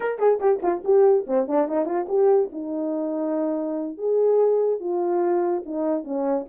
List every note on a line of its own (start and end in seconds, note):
0.00 0.19 A#4
0.19 0.39 G#4
0.40 0.60 G4
0.62 0.83 F4
0.84 1.26 G4
1.26 1.47 C4
1.47 1.68 D4
1.68 1.85 D#4
1.85 2.06 F4
2.08 2.50 G4
2.52 3.97 D#4
3.97 4.80 G#4
4.80 5.63 F4
5.65 6.04 D#4
6.04 6.45 C#4